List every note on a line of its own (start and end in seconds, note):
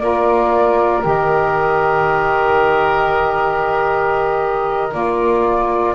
0.00 1.04 A#3
0.00 1.02 F4
0.00 5.95 A#4
0.00 1.03 D5
1.02 4.93 D#3
1.02 4.89 G4
1.02 4.94 D#5
4.92 5.95 A#3
4.92 5.95 F4
4.92 5.95 D5